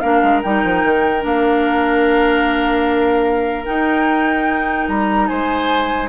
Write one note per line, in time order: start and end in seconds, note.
0.00 0.23 A#3
0.00 0.44 D4
0.00 5.29 A#4
0.00 0.41 F5
0.23 0.43 G#3
0.43 0.64 G3
0.43 1.21 D#4
0.43 1.24 G5
0.64 0.84 F3
0.84 1.24 D#3
1.21 3.68 A#3
1.21 3.64 D4
1.21 3.66 F5
3.66 6.09 D#4
3.66 4.88 D#4
3.66 4.87 G5
4.88 5.29 G3
4.88 5.27 A#5
5.27 6.09 G#3
5.27 6.09 C5
5.27 6.09 G#5